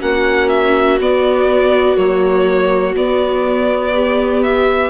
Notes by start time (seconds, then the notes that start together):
0.00 A#3 C#4 F#4 F#5
0.49 E5
1.00 B3 D5
1.97 F#3 A#3 C#5
2.95 B3 D5
3.94 G4
4.43 E5